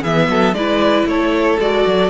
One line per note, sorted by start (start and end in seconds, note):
0.00 0.29 E3
0.00 0.55 B3
0.00 0.26 G#4
0.00 0.54 E5
0.29 0.53 F#3
0.29 0.56 A4
0.53 1.05 G#3
0.53 1.58 E4
0.53 1.09 B4
0.53 1.06 D5
1.06 1.58 A3
1.06 2.10 A4
1.06 1.60 C#5
1.59 1.85 G#3
1.59 2.10 F#4
1.59 2.10 D5
1.87 2.10 F#3